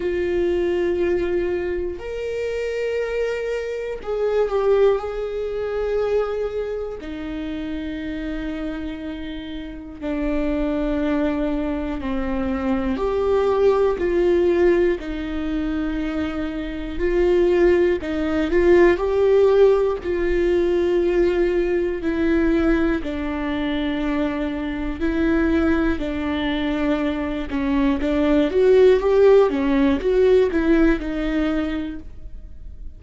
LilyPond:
\new Staff \with { instrumentName = "viola" } { \time 4/4 \tempo 4 = 60 f'2 ais'2 | gis'8 g'8 gis'2 dis'4~ | dis'2 d'2 | c'4 g'4 f'4 dis'4~ |
dis'4 f'4 dis'8 f'8 g'4 | f'2 e'4 d'4~ | d'4 e'4 d'4. cis'8 | d'8 fis'8 g'8 cis'8 fis'8 e'8 dis'4 | }